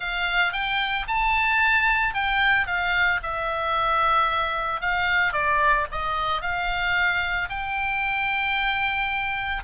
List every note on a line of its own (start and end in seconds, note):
0.00 0.53 F5
0.53 1.06 G5
1.07 2.14 A5
2.14 2.66 G5
2.66 3.20 F5
3.22 4.80 E5
4.80 5.33 F5
5.33 5.86 D5
5.91 6.41 D#5
6.41 7.48 F5
7.49 9.63 G5